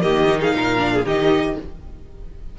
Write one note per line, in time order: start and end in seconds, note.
0.00 0.55 D#3
0.00 0.26 A#3
0.00 0.40 G4
0.00 0.40 D#5
0.27 0.77 D#4
0.40 0.53 G#4
0.40 1.05 F5
0.56 1.05 A#2
0.56 0.94 A#4
0.77 1.03 D4
0.94 1.05 G#4
1.05 1.57 D#3
1.05 1.58 D#4
1.05 1.57 G4
1.05 1.59 D#5